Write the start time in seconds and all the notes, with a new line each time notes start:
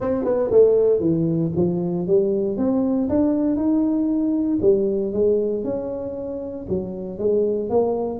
0.00 C4
0.24 B3
0.51 A3
1.00 E3
1.55 F3
2.07 G3
2.57 C4
3.09 D4
3.56 D#4
4.61 G3
5.13 G#3
5.64 C#4
6.68 F#3
7.18 G#3
7.69 A#3